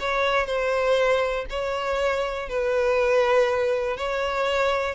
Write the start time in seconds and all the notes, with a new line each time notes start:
0.00 C#5
0.47 C5
1.50 C#5
2.49 B4
3.97 C#5